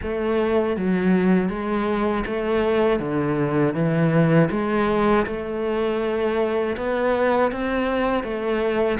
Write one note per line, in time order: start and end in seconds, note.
0.02 0.76 A3
0.76 1.49 F#3
1.49 2.24 G#3
2.26 2.99 A3
2.99 3.74 D3
3.74 4.49 E3
4.50 5.25 G#3
5.26 6.76 A3
6.77 7.51 B3
7.51 8.23 C4
8.23 8.98 A3